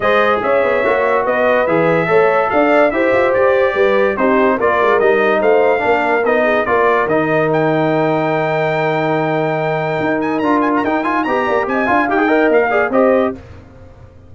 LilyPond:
<<
  \new Staff \with { instrumentName = "trumpet" } { \time 4/4 \tempo 4 = 144 dis''4 e''2 dis''4 | e''2 f''4 e''4 | d''2 c''4 d''4 | dis''4 f''2 dis''4 |
d''4 dis''4 g''2~ | g''1~ | g''8 gis''8 ais''8 gis''16 ais''16 g''8 gis''8 ais''4 | gis''4 g''4 f''4 dis''4 | }
  \new Staff \with { instrumentName = "horn" } { \time 4/4 c''4 cis''2 b'4~ | b'4 cis''4 d''4 c''4~ | c''4 b'4 g'4 ais'4~ | ais'4 c''4 ais'4. gis'8 |
ais'1~ | ais'1~ | ais'2. dis''8 d''8 | dis''8 f''4 dis''4 d''8 c''4 | }
  \new Staff \with { instrumentName = "trombone" } { \time 4/4 gis'2 fis'2 | gis'4 a'2 g'4~ | g'2 dis'4 f'4 | dis'2 d'4 dis'4 |
f'4 dis'2.~ | dis'1~ | dis'4 f'4 dis'8 f'8 g'4~ | g'8 f'8 g'16 gis'16 ais'4 gis'8 g'4 | }
  \new Staff \with { instrumentName = "tuba" } { \time 4/4 gis4 cis'8 b8 ais4 b4 | e4 a4 d'4 e'8 f'8 | g'4 g4 c'4 ais8 gis8 | g4 a4 ais4 b4 |
ais4 dis2.~ | dis1 | dis'4 d'4 dis'4 b8 ais8 | c'8 d'8 dis'4 ais4 c'4 | }
>>